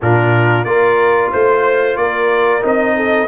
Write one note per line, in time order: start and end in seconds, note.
0.01 0.64 A#2
0.01 0.66 D4
0.01 0.66 F4
0.01 0.64 A#4
0.64 1.30 A#3
0.64 2.61 F4
0.64 1.31 A#4
0.64 1.30 D5
1.31 1.96 A3
1.31 1.97 C5
1.96 2.62 A#3
1.96 2.96 A#4
1.96 2.62 D5
2.61 3.27 C4
2.61 3.27 D#4
2.61 3.27 D#5
2.96 3.27 A4